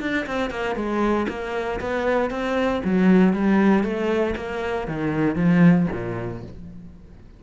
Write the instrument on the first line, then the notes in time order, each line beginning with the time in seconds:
cello
0.00 D4
0.26 C4
0.50 A#3
0.75 G#3
1.28 A#3
1.80 B3
2.30 C4
2.84 F#3
3.33 G3
3.83 A3
4.36 A#3
4.87 D#3
5.35 F3
5.91 A#2